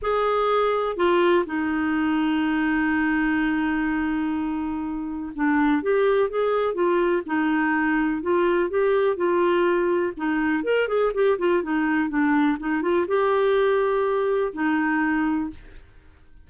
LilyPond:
\new Staff \with { instrumentName = "clarinet" } { \time 4/4 \tempo 4 = 124 gis'2 f'4 dis'4~ | dis'1~ | dis'2. d'4 | g'4 gis'4 f'4 dis'4~ |
dis'4 f'4 g'4 f'4~ | f'4 dis'4 ais'8 gis'8 g'8 f'8 | dis'4 d'4 dis'8 f'8 g'4~ | g'2 dis'2 | }